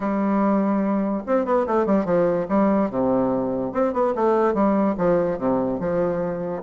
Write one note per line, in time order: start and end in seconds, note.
0.00 1.23 G3
1.26 1.45 C4
1.45 1.66 B3
1.66 1.85 A3
1.85 2.05 G3
2.05 2.46 F3
2.48 2.90 G3
2.90 3.72 C3
3.72 3.93 C4
3.93 4.14 B3
4.15 4.53 A3
4.53 4.95 G3
4.97 5.38 F3
5.38 5.79 C3
5.79 6.62 F3